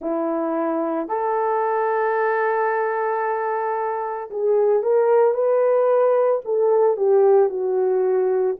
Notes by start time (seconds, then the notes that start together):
0.00 E4
1.08 A4
4.30 G#4
4.83 A#4
5.33 B4
6.44 A4
6.96 G4
7.49 F#4